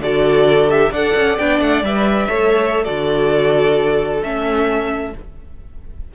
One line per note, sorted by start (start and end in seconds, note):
0.00 0.91 D3
0.00 0.69 F#4
0.00 0.92 A4
0.00 0.71 D5
0.69 0.92 G4
0.69 0.93 E5
0.92 1.14 D4
0.92 1.40 A4
0.92 2.28 D5
0.92 1.38 F#5
1.16 1.39 C#4
1.38 1.61 B3
1.38 1.85 D4
1.38 1.61 G5
1.61 1.83 A3
1.61 1.84 F#5
1.83 2.28 G3
1.83 2.29 B4
1.83 2.85 E5
2.29 2.87 A3
2.29 2.85 A4
2.29 2.85 C#5
2.85 4.23 D3
2.85 4.21 F#4
2.85 5.12 A4
2.85 4.21 D5
4.23 5.14 A3
4.23 5.14 C#4
4.23 5.15 E5